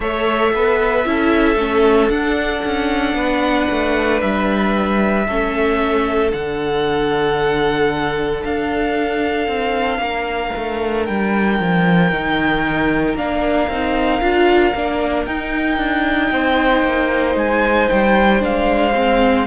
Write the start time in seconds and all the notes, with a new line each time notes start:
0.00 A3 A4 C#5 E5
0.52 B3 B4
1.05 C#4 E4 A4
1.56 A3 C#4
2.09 D4 F#5
2.64 C#4
3.14 B3 B4
3.71 A3
4.20 G3 E5
5.26 A3 C#4 A4
6.30 D3 D4 F#5
8.44 D4 F5
9.47 C4
9.98 A#3 A#4
10.56 A3
11.05 G3 G5
11.59 F3
12.11 D#3 D#4
13.14 A#3 D4 F5
13.68 C4 D#4
14.21 D4 F4
14.74 A#3 D4
15.25 D#4 G5
15.77 D4
16.30 C4 C5
16.83 A#3
17.35 G#3 G#5
17.89 G3 G5
18.39 G#3 D4 F5
18.94 C4